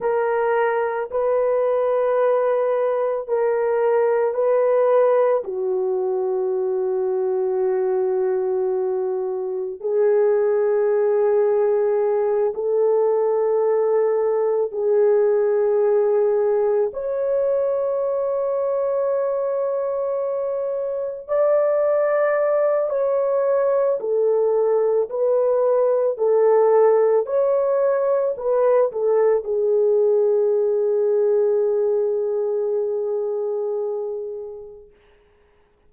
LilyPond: \new Staff \with { instrumentName = "horn" } { \time 4/4 \tempo 4 = 55 ais'4 b'2 ais'4 | b'4 fis'2.~ | fis'4 gis'2~ gis'8 a'8~ | a'4. gis'2 cis''8~ |
cis''2.~ cis''8 d''8~ | d''4 cis''4 a'4 b'4 | a'4 cis''4 b'8 a'8 gis'4~ | gis'1 | }